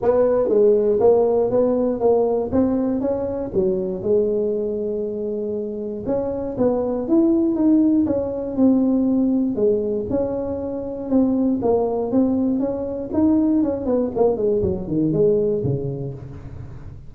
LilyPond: \new Staff \with { instrumentName = "tuba" } { \time 4/4 \tempo 4 = 119 b4 gis4 ais4 b4 | ais4 c'4 cis'4 fis4 | gis1 | cis'4 b4 e'4 dis'4 |
cis'4 c'2 gis4 | cis'2 c'4 ais4 | c'4 cis'4 dis'4 cis'8 b8 | ais8 gis8 fis8 dis8 gis4 cis4 | }